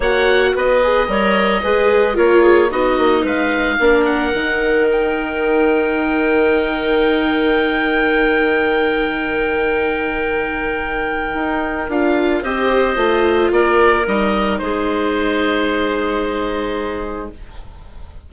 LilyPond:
<<
  \new Staff \with { instrumentName = "oboe" } { \time 4/4 \tempo 4 = 111 fis''4 dis''2. | cis''4 dis''4 f''4. fis''8~ | fis''4 g''2.~ | g''1~ |
g''1~ | g''2 f''4 dis''4~ | dis''4 d''4 dis''4 c''4~ | c''1 | }
  \new Staff \with { instrumentName = "clarinet" } { \time 4/4 cis''4 b'4 cis''4 b'4 | ais'8 gis'8 fis'4 b'4 ais'4~ | ais'1~ | ais'1~ |
ais'1~ | ais'2. c''4~ | c''4 ais'2 gis'4~ | gis'1 | }
  \new Staff \with { instrumentName = "viola" } { \time 4/4 fis'4. gis'8 ais'4 gis'4 | f'4 dis'2 d'4 | dis'1~ | dis'1~ |
dis'1~ | dis'2 f'4 g'4 | f'2 dis'2~ | dis'1 | }
  \new Staff \with { instrumentName = "bassoon" } { \time 4/4 ais4 b4 g4 gis4 | ais4 b8 ais8 gis4 ais4 | dis1~ | dis1~ |
dis1~ | dis4 dis'4 d'4 c'4 | a4 ais4 g4 gis4~ | gis1 | }
>>